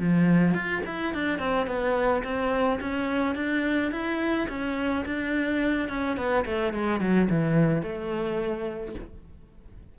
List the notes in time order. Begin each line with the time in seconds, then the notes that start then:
0.00 F3
0.55 F4
0.86 E4
1.14 D4
1.39 C4
1.67 B3
2.24 C4
2.81 C#4
3.36 D4
3.92 E4
4.49 C#4
5.06 D4
5.89 C#4
6.17 B3
6.45 A3
6.74 G#3
7.01 F#3
7.30 E3
7.83 A3